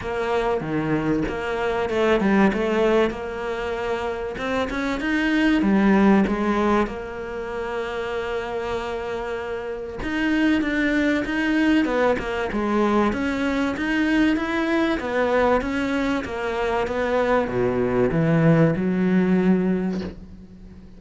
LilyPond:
\new Staff \with { instrumentName = "cello" } { \time 4/4 \tempo 4 = 96 ais4 dis4 ais4 a8 g8 | a4 ais2 c'8 cis'8 | dis'4 g4 gis4 ais4~ | ais1 |
dis'4 d'4 dis'4 b8 ais8 | gis4 cis'4 dis'4 e'4 | b4 cis'4 ais4 b4 | b,4 e4 fis2 | }